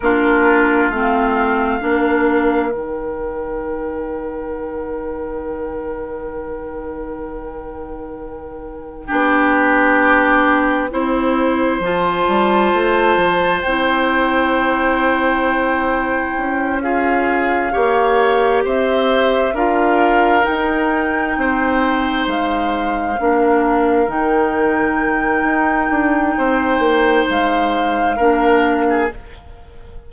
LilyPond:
<<
  \new Staff \with { instrumentName = "flute" } { \time 4/4 \tempo 4 = 66 ais'4 f''2 g''4~ | g''1~ | g''1~ | g''4 a''2 g''4~ |
g''2~ g''8 f''4.~ | f''8 e''4 f''4 g''4.~ | g''8 f''2 g''4.~ | g''2 f''2 | }
  \new Staff \with { instrumentName = "oboe" } { \time 4/4 f'2 ais'2~ | ais'1~ | ais'2 g'2 | c''1~ |
c''2~ c''8 gis'4 cis''8~ | cis''8 c''4 ais'2 c''8~ | c''4. ais'2~ ais'8~ | ais'4 c''2 ais'8. gis'16 | }
  \new Staff \with { instrumentName = "clarinet" } { \time 4/4 d'4 c'4 d'4 dis'4~ | dis'1~ | dis'2 d'2 | e'4 f'2 e'4~ |
e'2~ e'8 f'4 g'8~ | g'4. f'4 dis'4.~ | dis'4. d'4 dis'4.~ | dis'2. d'4 | }
  \new Staff \with { instrumentName = "bassoon" } { \time 4/4 ais4 a4 ais4 dis4~ | dis1~ | dis2 b2 | c'4 f8 g8 a8 f8 c'4~ |
c'2 cis'4. ais8~ | ais8 c'4 d'4 dis'4 c'8~ | c'8 gis4 ais4 dis4. | dis'8 d'8 c'8 ais8 gis4 ais4 | }
>>